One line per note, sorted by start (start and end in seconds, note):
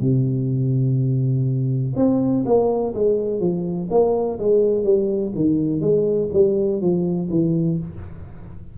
0.00 1.94 C3
1.96 2.44 C4
2.45 2.93 A#3
2.94 3.40 G#3
3.40 3.88 F3
3.90 4.38 A#3
4.39 4.83 G#3
4.83 5.32 G3
5.35 5.80 D#3
5.80 6.29 G#3
6.32 6.80 G3
6.80 7.29 F3
7.30 7.78 E3